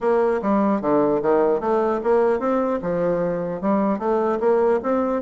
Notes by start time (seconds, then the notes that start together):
0.01 A#3
0.41 G3
0.81 D3
1.21 D#3
1.60 A3
2.03 A#3
2.39 C4
2.81 F3
3.61 G3
3.99 A3
4.40 A#3
4.83 C4